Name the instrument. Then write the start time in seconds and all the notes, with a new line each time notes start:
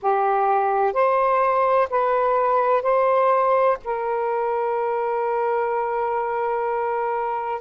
saxophone
0.02 G4
0.93 C5
1.90 B4
2.82 C5
3.84 A#4